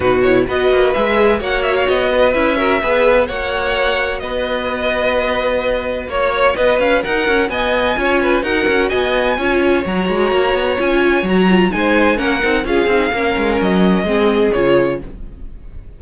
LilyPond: <<
  \new Staff \with { instrumentName = "violin" } { \time 4/4 \tempo 4 = 128 b'8 cis''8 dis''4 e''4 fis''8 e''16 f''16 | dis''4 e''2 fis''4~ | fis''4 dis''2.~ | dis''4 cis''4 dis''8 f''8 fis''4 |
gis''2 fis''4 gis''4~ | gis''4 ais''2 gis''4 | ais''4 gis''4 fis''4 f''4~ | f''4 dis''2 cis''4 | }
  \new Staff \with { instrumentName = "violin" } { \time 4/4 fis'4 b'2 cis''4~ | cis''8 b'4 ais'8 b'4 cis''4~ | cis''4 b'2.~ | b'4 cis''4 b'4 ais'4 |
dis''4 cis''8 b'8 ais'4 dis''4 | cis''1~ | cis''4 c''4 ais'4 gis'4 | ais'2 gis'2 | }
  \new Staff \with { instrumentName = "viola" } { \time 4/4 dis'8 e'8 fis'4 gis'4 fis'4~ | fis'4 e'8 fis'8 gis'4 fis'4~ | fis'1~ | fis'1~ |
fis'4 f'4 fis'2 | f'4 fis'2 f'4 | fis'8 f'8 dis'4 cis'8 dis'8 f'8 dis'8 | cis'2 c'4 f'4 | }
  \new Staff \with { instrumentName = "cello" } { \time 4/4 b,4 b8 ais8 gis4 ais4 | b4 cis'4 b4 ais4~ | ais4 b2.~ | b4 ais4 b8 cis'8 dis'8 cis'8 |
b4 cis'4 dis'8 cis'8 b4 | cis'4 fis8 gis8 ais8 b8 cis'4 | fis4 gis4 ais8 c'8 cis'8 c'8 | ais8 gis8 fis4 gis4 cis4 | }
>>